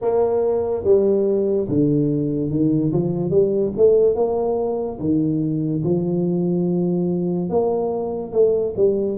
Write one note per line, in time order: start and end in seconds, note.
0.01 0.84 A#3
0.84 1.67 G3
1.69 2.50 D3
2.50 2.92 D#3
2.92 3.30 F3
3.30 3.72 G3
3.77 4.15 A3
4.15 4.98 A#3
4.99 5.83 D#3
5.84 7.49 F3
7.49 8.32 A#3
8.32 8.74 A3
8.76 9.17 G3